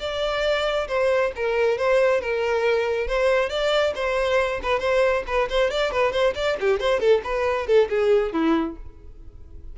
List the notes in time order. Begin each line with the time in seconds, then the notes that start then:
0.00 D5
0.88 C5
1.36 A#4
1.78 C5
2.21 A#4
3.08 C5
3.50 D5
3.95 C5
4.63 B4
4.80 C5
5.27 B4
5.50 C5
5.71 D5
5.92 B4
6.12 C5
6.35 D5
6.61 G4
6.80 C5
7.00 A4
7.24 B4
7.67 A4
7.90 G#4
8.33 E4